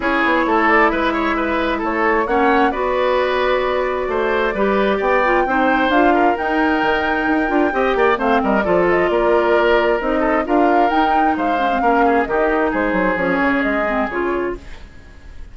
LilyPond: <<
  \new Staff \with { instrumentName = "flute" } { \time 4/4 \tempo 4 = 132 cis''4. d''8 e''2 | cis''4 fis''4 d''2~ | d''2. g''4~ | g''4 f''4 g''2~ |
g''2 f''8 dis''8 d''8 dis''8 | d''2 dis''4 f''4 | g''4 f''2 dis''4 | c''4 cis''4 dis''4 cis''4 | }
  \new Staff \with { instrumentName = "oboe" } { \time 4/4 gis'4 a'4 b'8 cis''8 b'4 | a'4 cis''4 b'2~ | b'4 c''4 b'4 d''4 | c''4. ais'2~ ais'8~ |
ais'4 dis''8 d''8 c''8 ais'8 a'4 | ais'2~ ais'8 a'8 ais'4~ | ais'4 c''4 ais'8 gis'8 g'4 | gis'1 | }
  \new Staff \with { instrumentName = "clarinet" } { \time 4/4 e'1~ | e'4 cis'4 fis'2~ | fis'2 g'4. f'8 | dis'4 f'4 dis'2~ |
dis'8 f'8 g'4 c'4 f'4~ | f'2 dis'4 f'4 | dis'4. cis'16 c'16 cis'4 dis'4~ | dis'4 cis'4. c'8 f'4 | }
  \new Staff \with { instrumentName = "bassoon" } { \time 4/4 cis'8 b8 a4 gis2 | a4 ais4 b2~ | b4 a4 g4 b4 | c'4 d'4 dis'4 dis4 |
dis'8 d'8 c'8 ais8 a8 g8 f4 | ais2 c'4 d'4 | dis'4 gis4 ais4 dis4 | gis8 fis8 f8 cis8 gis4 cis4 | }
>>